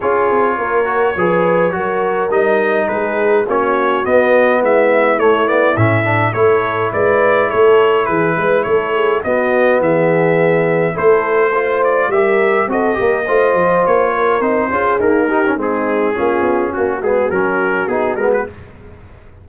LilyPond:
<<
  \new Staff \with { instrumentName = "trumpet" } { \time 4/4 \tempo 4 = 104 cis''1 | dis''4 b'4 cis''4 dis''4 | e''4 cis''8 d''8 e''4 cis''4 | d''4 cis''4 b'4 cis''4 |
dis''4 e''2 c''4~ | c''8 d''8 e''4 dis''2 | cis''4 c''4 ais'4 gis'4~ | gis'4 fis'8 gis'8 ais'4 gis'8 ais'16 b'16 | }
  \new Staff \with { instrumentName = "horn" } { \time 4/4 gis'4 ais'4 b'4 ais'4~ | ais'4 gis'4 fis'2 | e'2. a'4 | b'4 a'4 gis'8 b'8 a'8 gis'8 |
fis'4 gis'2 a'4 | c''4 ais'4 a'8 ais'8 c''4~ | c''8 ais'4 gis'4 g'8 dis'4 | f'4 fis'2. | }
  \new Staff \with { instrumentName = "trombone" } { \time 4/4 f'4. fis'8 gis'4 fis'4 | dis'2 cis'4 b4~ | b4 a8 b8 cis'8 d'8 e'4~ | e'1 |
b2. e'4 | f'4 g'4 fis'8 g'8 f'4~ | f'4 dis'8 f'8 ais8 dis'16 cis'16 c'4 | cis'4. b8 cis'4 dis'8 b8 | }
  \new Staff \with { instrumentName = "tuba" } { \time 4/4 cis'8 c'8 ais4 f4 fis4 | g4 gis4 ais4 b4 | gis4 a4 a,4 a4 | gis4 a4 e8 gis8 a4 |
b4 e2 a4~ | a4 g4 c'8 ais8 a8 f8 | ais4 c'8 cis'8 dis'4 gis4 | ais8 b8 ais8 gis8 fis4 b8 gis8 | }
>>